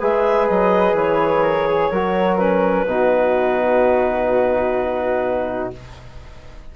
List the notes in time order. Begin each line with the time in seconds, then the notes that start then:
0.00 G#3 G#4 B4 E5
0.47 F#3 D#5
0.93 E3 C#5
1.43 A#4
1.67 G#4
1.91 F#3 F#4 A#4
2.37 C#4 B4
2.86 B2 D#4 F#4